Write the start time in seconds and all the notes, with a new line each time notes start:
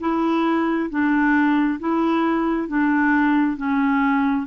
0.00 E4
0.90 D4
1.80 E4
2.68 D4
3.57 C#4